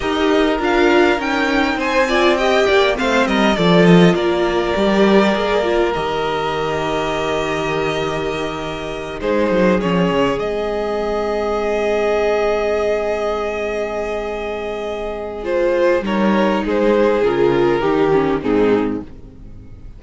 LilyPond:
<<
  \new Staff \with { instrumentName = "violin" } { \time 4/4 \tempo 4 = 101 dis''4 f''4 g''4 gis''4 | g''4 f''8 dis''8 d''8 dis''8 d''4~ | d''2 dis''2~ | dis''2.~ dis''8 c''8~ |
c''8 cis''4 dis''2~ dis''8~ | dis''1~ | dis''2 c''4 cis''4 | c''4 ais'2 gis'4 | }
  \new Staff \with { instrumentName = "violin" } { \time 4/4 ais'2. c''8 d''8 | dis''8 d''8 c''8 ais'8 a'4 ais'4~ | ais'1~ | ais'2.~ ais'8 gis'8~ |
gis'1~ | gis'1~ | gis'2. ais'4 | gis'2 g'4 dis'4 | }
  \new Staff \with { instrumentName = "viola" } { \time 4/4 g'4 f'4 dis'4. f'8 | g'4 c'4 f'2 | g'4 gis'8 f'8 g'2~ | g'2.~ g'8 dis'8~ |
dis'8 cis'4 c'2~ c'8~ | c'1~ | c'2 f'4 dis'4~ | dis'4 f'4 dis'8 cis'8 c'4 | }
  \new Staff \with { instrumentName = "cello" } { \time 4/4 dis'4 d'4 cis'4 c'4~ | c'8 ais8 a8 g8 f4 ais4 | g4 ais4 dis2~ | dis2.~ dis8 gis8 |
fis8 f8 cis8 gis2~ gis8~ | gis1~ | gis2. g4 | gis4 cis4 dis4 gis,4 | }
>>